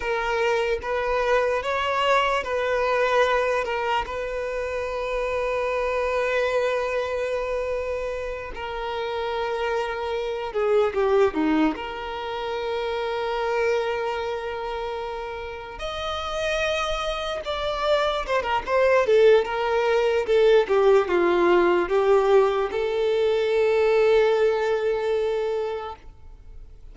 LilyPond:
\new Staff \with { instrumentName = "violin" } { \time 4/4 \tempo 4 = 74 ais'4 b'4 cis''4 b'4~ | b'8 ais'8 b'2.~ | b'2~ b'8 ais'4.~ | ais'4 gis'8 g'8 dis'8 ais'4.~ |
ais'2.~ ais'8 dis''8~ | dis''4. d''4 c''16 ais'16 c''8 a'8 | ais'4 a'8 g'8 f'4 g'4 | a'1 | }